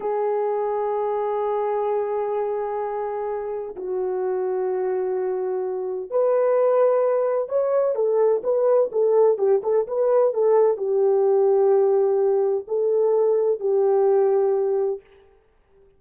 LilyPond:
\new Staff \with { instrumentName = "horn" } { \time 4/4 \tempo 4 = 128 gis'1~ | gis'1 | fis'1~ | fis'4 b'2. |
cis''4 a'4 b'4 a'4 | g'8 a'8 b'4 a'4 g'4~ | g'2. a'4~ | a'4 g'2. | }